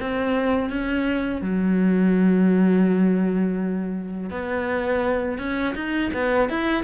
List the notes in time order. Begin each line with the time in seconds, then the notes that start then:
0.00 C4
0.70 C#4
1.42 F#3
4.30 B3
5.38 C#4
5.75 D#4
6.13 B3
6.50 E4